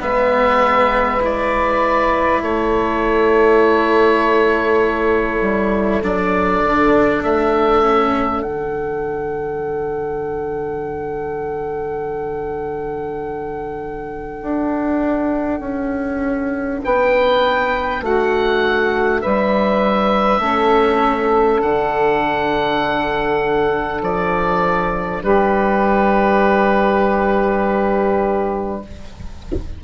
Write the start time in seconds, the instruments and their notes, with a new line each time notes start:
0.00 bassoon G#3, cello B3, saxophone B4, oboe E5
1.21 cello E4, oboe D5
2.42 bassoon A3, saxophone A4, oboe C#5
5.41 bassoon G3
6.03 bassoon F#3, cello D4, oboe D5
6.63 bassoon D3
7.24 bassoon A3, oboe E5
7.83 cello C#4
8.42 bassoon D3, cello D4, oboe F#5
14.42 bassoon D4
15.60 bassoon C#4
16.84 bassoon B3, saxophone B4, oboe G5
18.02 bassoon A3, saxophone F#4, oboe F#5
19.21 bassoon G3, saxophone B4, oboe E5
20.39 bassoon A3, cello C#4, saxophone A4
21.62 bassoon D3, cello D4, oboe F#5
24.02 bassoon F3, oboe D5
25.22 bassoon G3, saxophone G4, oboe B4